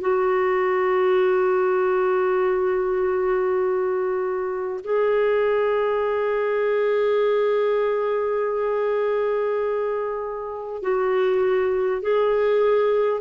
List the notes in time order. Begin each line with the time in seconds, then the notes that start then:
0.00 F#4
4.83 G#4
10.82 F#4
12.02 G#4